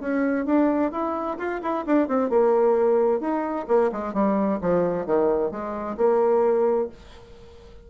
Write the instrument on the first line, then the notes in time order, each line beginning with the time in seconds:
bassoon
0.00 C#4
0.46 D4
0.92 E4
1.38 F4
1.62 E4
1.86 D4
2.08 C4
2.30 A#3
3.20 D#4
3.68 A#3
3.92 G#3
4.13 G3
4.61 F3
5.06 D#3
5.51 G#3
5.97 A#3